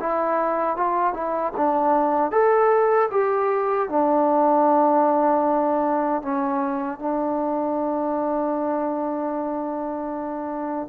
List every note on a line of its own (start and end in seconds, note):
0.00 0.77 E4
0.77 1.14 F4
1.14 1.53 E4
1.57 2.32 D4
2.32 3.10 A4
3.11 3.89 G4
3.89 6.22 D4
6.22 7.00 C#4
7.00 10.89 D4